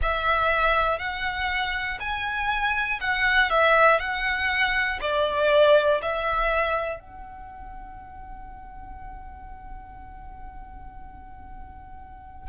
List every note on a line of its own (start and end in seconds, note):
0.02 0.99 E5
0.99 1.99 F#5
2.00 3.00 G#5
3.00 3.50 F#5
3.50 3.99 E5
3.99 4.99 F#5
5.00 6.00 D5
6.02 6.99 E5
6.99 12.49 F#5